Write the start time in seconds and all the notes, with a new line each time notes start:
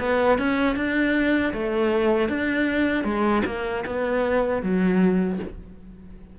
0.00 B3
0.39 C#4
0.76 D4
1.53 A3
2.29 D4
3.04 G#3
3.46 A#3
3.86 B3
4.63 F#3